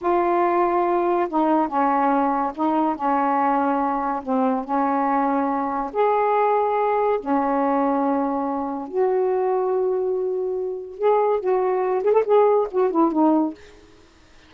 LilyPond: \new Staff \with { instrumentName = "saxophone" } { \time 4/4 \tempo 4 = 142 f'2. dis'4 | cis'2 dis'4 cis'4~ | cis'2 c'4 cis'4~ | cis'2 gis'2~ |
gis'4 cis'2.~ | cis'4 fis'2.~ | fis'2 gis'4 fis'4~ | fis'8 gis'16 a'16 gis'4 fis'8 e'8 dis'4 | }